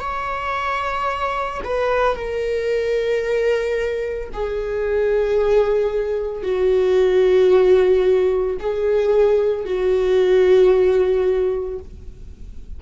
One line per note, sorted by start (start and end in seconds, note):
0.00 1.61 C#5
1.65 2.15 B4
2.15 4.30 A#4
4.33 6.43 G#4
6.43 8.57 F#4
8.59 9.65 G#4
9.65 11.80 F#4